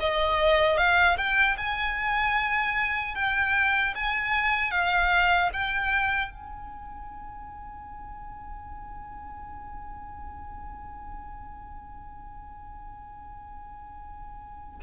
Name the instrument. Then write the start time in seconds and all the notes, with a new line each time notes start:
violin
0.00 D#5
0.78 F5
1.17 G5
1.58 G#5
3.15 G5
3.95 G#5
4.71 F5
5.53 G5
6.31 G#5